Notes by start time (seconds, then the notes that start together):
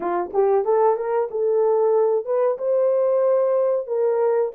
0.00 F4
0.33 G4
0.65 A4
0.96 A#4
1.30 A4
2.25 B4
2.57 C5
3.87 A#4